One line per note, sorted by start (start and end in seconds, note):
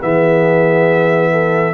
0.00 1.74 E3
0.00 1.74 B3
0.00 1.31 G#4
0.00 1.74 E5
1.31 1.74 A4